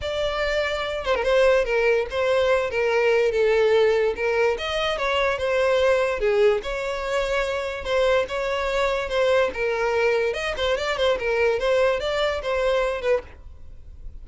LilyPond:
\new Staff \with { instrumentName = "violin" } { \time 4/4 \tempo 4 = 145 d''2~ d''8 c''16 ais'16 c''4 | ais'4 c''4. ais'4. | a'2 ais'4 dis''4 | cis''4 c''2 gis'4 |
cis''2. c''4 | cis''2 c''4 ais'4~ | ais'4 dis''8 c''8 d''8 c''8 ais'4 | c''4 d''4 c''4. b'8 | }